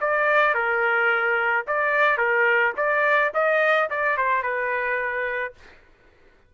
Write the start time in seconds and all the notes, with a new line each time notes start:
0.00 D5
0.54 A#4
1.67 D5
2.17 A#4
2.77 D5
3.34 D#5
3.90 D5
4.17 C5
4.43 B4